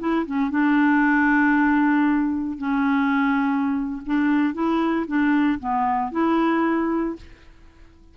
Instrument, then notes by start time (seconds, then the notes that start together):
clarinet
0.00 E4
0.26 C#4
0.51 D4
2.59 C#4
4.06 D4
4.54 E4
5.08 D4
5.60 B3
6.12 E4